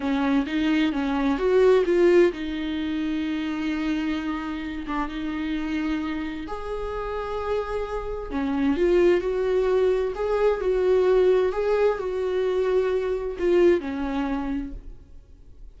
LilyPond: \new Staff \with { instrumentName = "viola" } { \time 4/4 \tempo 4 = 130 cis'4 dis'4 cis'4 fis'4 | f'4 dis'2.~ | dis'2~ dis'8 d'8 dis'4~ | dis'2 gis'2~ |
gis'2 cis'4 f'4 | fis'2 gis'4 fis'4~ | fis'4 gis'4 fis'2~ | fis'4 f'4 cis'2 | }